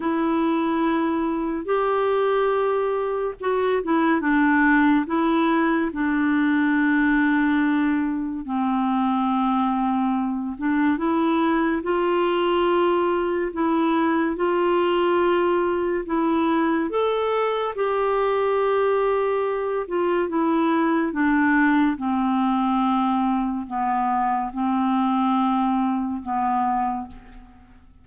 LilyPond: \new Staff \with { instrumentName = "clarinet" } { \time 4/4 \tempo 4 = 71 e'2 g'2 | fis'8 e'8 d'4 e'4 d'4~ | d'2 c'2~ | c'8 d'8 e'4 f'2 |
e'4 f'2 e'4 | a'4 g'2~ g'8 f'8 | e'4 d'4 c'2 | b4 c'2 b4 | }